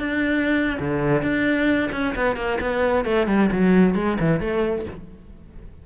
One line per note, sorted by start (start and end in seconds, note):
0.00 0.79 D4
0.80 1.22 D3
1.22 1.90 D4
1.92 2.15 C#4
2.16 2.36 B3
2.36 2.59 A#3
2.61 3.05 B3
3.05 3.27 A3
3.27 3.50 G3
3.52 3.95 F#3
3.95 4.18 G#3
4.20 4.41 E3
4.41 4.86 A3